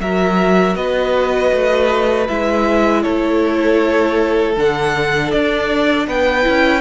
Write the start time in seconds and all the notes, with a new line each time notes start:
0.00 F#3 F#4 A#4 E5
0.75 B3 B4 D#5
1.53 A3
2.28 G#3 E4 E5
3.02 A3 A4 C#5
4.57 D3 D4 F#5
5.31 D4 D5
6.07 B3 B4 G5
6.43 C#4 E4